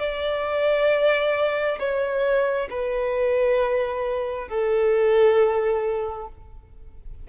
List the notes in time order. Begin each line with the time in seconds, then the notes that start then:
0.00 D5
1.80 C#5
2.70 B4
4.49 A4